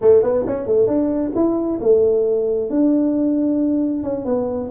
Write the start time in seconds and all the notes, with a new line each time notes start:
0.01 A3
0.22 B3
0.46 C#4
0.66 A3
0.87 D4
1.35 E4
1.81 A3
2.70 D4
4.03 C#4
4.25 B3